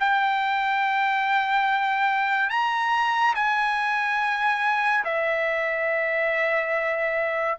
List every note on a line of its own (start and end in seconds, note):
0.00 2.50 G5
2.50 3.35 A#5
3.35 5.04 G#5
5.05 7.59 E5